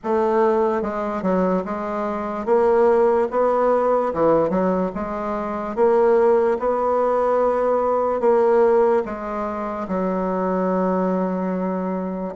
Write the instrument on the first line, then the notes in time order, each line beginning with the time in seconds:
bassoon
0.03 A3
0.82 G#3
1.22 F#3
1.64 G#3
2.45 A#3
3.30 B3
4.13 E3
4.49 F#3
4.94 G#3
5.75 A#3
6.59 B3
8.20 A#3
9.04 G#3
9.87 F#3